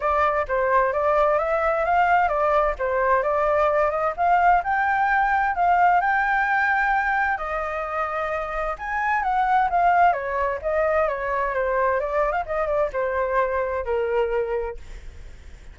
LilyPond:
\new Staff \with { instrumentName = "flute" } { \time 4/4 \tempo 4 = 130 d''4 c''4 d''4 e''4 | f''4 d''4 c''4 d''4~ | d''8 dis''8 f''4 g''2 | f''4 g''2. |
dis''2. gis''4 | fis''4 f''4 cis''4 dis''4 | cis''4 c''4 d''8. f''16 dis''8 d''8 | c''2 ais'2 | }